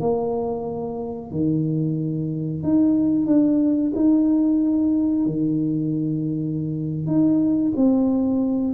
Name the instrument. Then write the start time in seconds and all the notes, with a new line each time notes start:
tuba
0.00 A#3
1.31 D#3
2.63 D#4
3.26 D4
3.95 D#4
5.25 D#3
7.06 D#4
7.76 C4